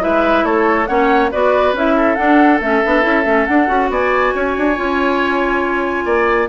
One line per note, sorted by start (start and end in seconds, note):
0.00 0.44 G#3
0.00 0.86 E4
0.00 0.45 B4
0.00 0.45 E5
0.44 0.87 A3
0.44 0.88 A4
0.44 0.87 C#5
0.87 1.32 A#3
0.87 1.31 C#4
0.87 1.31 C#5
0.87 1.30 F#5
1.31 1.73 B3
1.31 1.75 F#4
1.31 1.96 B4
1.31 1.75 D5
1.73 2.16 C#4
1.73 2.18 E4
1.73 2.15 E5
1.97 3.91 A4
2.15 2.61 D4
2.15 2.60 D4
2.15 2.59 F#5
2.60 2.82 A3
2.60 2.84 C#4
2.60 3.46 E5
2.85 3.05 B3
2.85 3.02 D4
3.02 3.25 C#4
3.02 3.23 E4
3.25 3.47 A3
3.25 3.48 C#4
3.46 3.69 D4
3.46 3.67 D4
3.46 3.89 F#5
3.67 3.90 C#4
3.67 4.75 F#4
3.90 4.33 B3
3.90 4.35 D5
3.90 6.49 G#5
4.35 4.57 C#4
4.35 6.05 C#5
4.57 4.78 D4
4.76 6.05 C#4
4.76 6.49 F4
6.05 6.48 A#3
6.05 6.48 D5